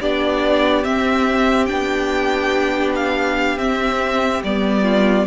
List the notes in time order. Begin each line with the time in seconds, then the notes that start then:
0.00 B3 D4 G4 D5
0.83 C4 E5
1.65 B3 D4 G5
2.95 F5
3.57 C4 E5
4.43 G3 B3 D5
4.82 F4